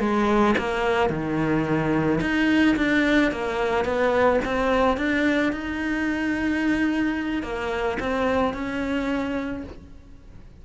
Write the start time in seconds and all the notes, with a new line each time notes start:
0.00 G#3
0.59 A#3
1.10 D#3
2.21 D#4
2.77 D4
3.32 A#3
3.85 B3
4.45 C4
4.98 D4
5.53 D#4
7.43 A#3
8.00 C4
8.54 C#4